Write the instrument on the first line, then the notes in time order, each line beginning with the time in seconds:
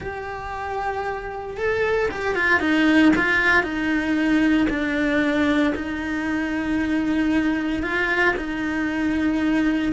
cello
0.00 G4
1.57 A4
2.10 G4
2.35 F4
2.60 D#4
3.16 F4
3.63 D#4
4.69 D4
5.75 D#4
7.82 F4
8.36 D#4